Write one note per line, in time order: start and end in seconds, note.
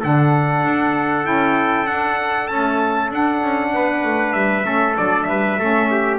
0.00 0.65 D3
0.00 1.23 D4
0.00 3.71 A4
0.00 1.26 F#5
0.65 1.27 D4
1.23 1.87 C#4
1.23 1.85 E4
1.23 1.87 G5
1.87 2.49 D4
1.87 2.51 D4
1.87 2.48 F#5
2.48 3.12 A3
2.48 3.11 C#4
2.48 3.10 A5
3.11 3.42 D4
3.11 4.63 D4
3.11 4.33 F#5
3.42 3.73 C#4
3.73 4.04 B3
3.73 4.66 B4
4.04 4.34 A3
4.33 4.65 G3
4.33 4.95 E5
4.63 4.96 A3
4.63 4.94 C#4
4.63 5.28 A4
4.96 5.28 F#3
4.96 5.58 D4
4.96 5.24 D5
5.24 5.59 G3
5.24 5.59 B4
5.24 6.16 E5
5.59 6.19 A3
5.59 6.19 C#4
5.59 5.90 A4
5.91 6.19 G4